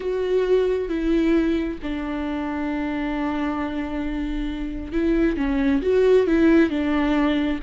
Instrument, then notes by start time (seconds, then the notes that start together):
viola
0.00 F#4
0.89 E4
1.82 D4
4.92 E4
5.36 C#4
5.81 F#4
6.26 E4
6.69 D4